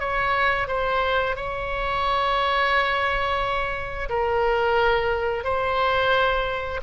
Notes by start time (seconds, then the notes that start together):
0.00 C#5
0.68 C5
1.36 C#5
4.09 A#4
5.45 C5